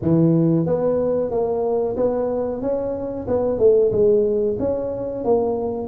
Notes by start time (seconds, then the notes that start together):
0.02 E3
0.66 B3
1.30 A#3
1.96 B3
2.61 C#4
3.27 B3
3.58 A3
3.91 G#3
4.59 C#4
5.24 A#3